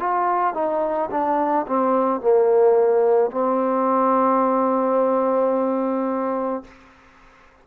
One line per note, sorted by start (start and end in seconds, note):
0.00 0.55 F4
0.55 1.10 D#4
1.11 1.66 D4
1.68 2.21 C4
2.21 3.31 A#3
3.31 6.64 C4